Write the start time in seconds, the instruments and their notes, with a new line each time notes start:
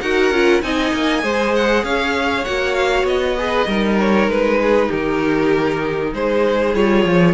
0.00 cello D#4, viola F#4, violin A#4 F#5
0.31 cello C#4, viola F4
0.61 cello C4, viola D#4, violin D#5 G#5
0.93 cello A#3
1.22 cello G#3, viola G#4, violin C5
1.55 violin F#5
1.83 cello C#4, violin C#5 F5
2.45 cello A#3, viola F#4, violin F#5
2.75 violin F5
3.03 cello B3, violin D#5
3.38 viola G#4, violin B4
3.66 cello G3, viola D#4, violin A#4
3.99 violin C#5
4.28 cello G#3, violin B4
4.62 violin G#4
4.87 cello D#3, violin G4 A#4
6.13 cello G#3, violin G#4 C5
6.74 cello G3, viola F4, violin C#5
7.05 cello F3